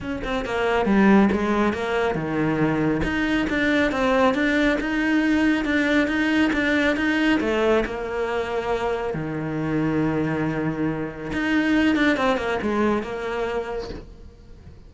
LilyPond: \new Staff \with { instrumentName = "cello" } { \time 4/4 \tempo 4 = 138 cis'8 c'8 ais4 g4 gis4 | ais4 dis2 dis'4 | d'4 c'4 d'4 dis'4~ | dis'4 d'4 dis'4 d'4 |
dis'4 a4 ais2~ | ais4 dis2.~ | dis2 dis'4. d'8 | c'8 ais8 gis4 ais2 | }